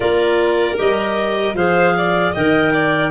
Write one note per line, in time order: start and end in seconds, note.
0.00 0.77 A#3
0.00 0.75 F4
0.00 1.55 A#4
0.00 0.78 D5
0.76 1.53 G3
0.76 1.54 G4
0.76 1.56 D#5
1.53 2.31 F3
1.53 2.34 G#4
1.53 1.94 C5
1.53 2.34 F5
1.97 2.32 D5
2.32 3.11 D#3
2.32 3.11 A#4
2.32 2.71 D#5
2.32 3.11 G5
2.73 3.11 D5